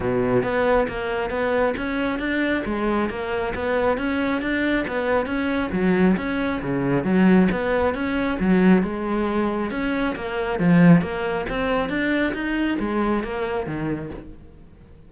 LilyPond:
\new Staff \with { instrumentName = "cello" } { \time 4/4 \tempo 4 = 136 b,4 b4 ais4 b4 | cis'4 d'4 gis4 ais4 | b4 cis'4 d'4 b4 | cis'4 fis4 cis'4 cis4 |
fis4 b4 cis'4 fis4 | gis2 cis'4 ais4 | f4 ais4 c'4 d'4 | dis'4 gis4 ais4 dis4 | }